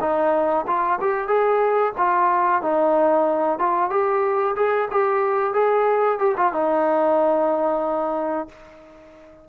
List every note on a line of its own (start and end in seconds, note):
0.00 0.65 D#4
0.66 0.99 F4
1.00 1.27 G4
1.27 1.92 G#4
1.97 2.62 F4
2.62 3.58 D#4
3.58 3.90 F4
3.90 4.55 G4
4.56 4.88 G#4
4.91 5.53 G4
5.53 6.18 G#4
6.19 6.35 G4
6.36 6.52 F4
6.52 8.48 D#4